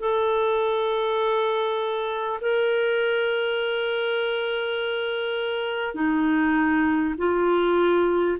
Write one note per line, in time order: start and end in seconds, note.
0.00 2.40 A4
2.41 5.95 A#4
5.95 7.15 D#4
7.18 8.38 F4